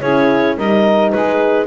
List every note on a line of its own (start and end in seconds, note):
0.00 0.58 C#4
0.00 0.57 E4
0.00 0.56 G#4
0.00 0.57 C#5
0.57 1.13 G3
0.57 1.67 D#4
0.57 1.12 A#4
0.57 1.11 D#5
1.11 1.67 G#3
1.11 1.67 G#4
1.11 1.67 B4